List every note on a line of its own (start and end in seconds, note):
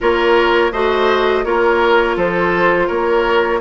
0.00 0.72 A#3
0.00 0.73 F4
0.00 0.72 A#4
0.00 0.72 C#5
0.72 1.44 A3
0.72 1.45 F#4
0.72 1.44 C5
0.72 1.44 D#5
1.44 2.16 A#3
1.44 3.61 F4
1.44 2.16 A#4
1.44 2.16 C#5
2.16 2.88 F3
2.16 2.87 A4
2.16 2.88 C5
2.87 3.61 A#3
2.87 3.59 A#4
2.87 3.60 C#5